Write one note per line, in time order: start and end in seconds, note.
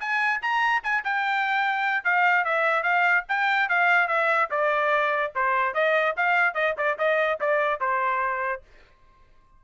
0.00 0.41 G#5
0.42 0.83 A#5
0.83 1.04 G#5
1.04 2.04 G5
2.04 2.45 F5
2.45 2.83 E5
2.83 3.24 F5
3.29 3.69 G5
3.69 4.08 F5
4.08 4.49 E5
4.51 5.33 D5
5.35 5.74 C5
5.74 6.15 D#5
6.17 6.55 F5
6.55 6.75 D#5
6.78 6.98 D5
6.98 7.39 D#5
7.40 7.80 D5
7.80 8.62 C5